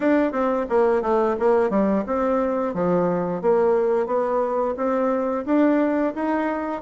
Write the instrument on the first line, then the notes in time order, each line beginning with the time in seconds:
bassoon
0.00 D4
0.32 C4
0.69 A#3
1.01 A3
1.39 A#3
1.70 G3
2.06 C4
2.74 F3
3.41 A#3
4.06 B3
4.76 C4
5.45 D4
6.14 D#4